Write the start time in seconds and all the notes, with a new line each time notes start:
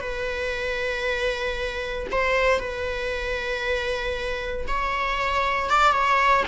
0.00 B4
2.11 C5
2.59 B4
4.68 C#5
5.69 D5
5.92 C#5